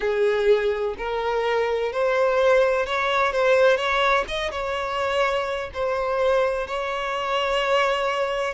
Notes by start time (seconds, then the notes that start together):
0.00 G#4
0.97 A#4
1.92 C5
2.86 C#5
3.32 C5
3.76 C#5
4.28 D#5
4.51 C#5
5.73 C5
6.67 C#5